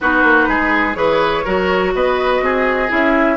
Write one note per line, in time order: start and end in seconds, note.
0.00 0.23 B3
0.00 0.94 D#4
0.00 0.48 F#4
0.00 0.94 B4
0.23 0.47 A#3
0.48 0.95 G#3
0.48 0.97 G#4
0.94 1.44 E3
0.94 1.43 G#4
0.94 1.44 B4
0.94 1.91 C#5
1.44 1.94 F#3
1.44 2.89 F#4
1.44 1.92 A#4
1.94 2.41 B3
1.94 2.43 B4
1.94 2.91 D#5
2.41 2.89 C4
2.41 3.37 G#4
2.89 3.37 C#4
2.89 3.37 E4
2.89 3.37 E5